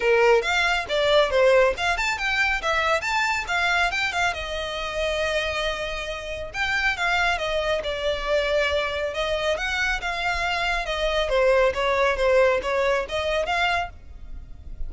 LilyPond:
\new Staff \with { instrumentName = "violin" } { \time 4/4 \tempo 4 = 138 ais'4 f''4 d''4 c''4 | f''8 a''8 g''4 e''4 a''4 | f''4 g''8 f''8 dis''2~ | dis''2. g''4 |
f''4 dis''4 d''2~ | d''4 dis''4 fis''4 f''4~ | f''4 dis''4 c''4 cis''4 | c''4 cis''4 dis''4 f''4 | }